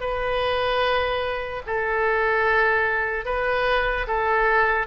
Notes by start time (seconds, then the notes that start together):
0.00 B4
1.66 A4
3.25 B4
4.07 A4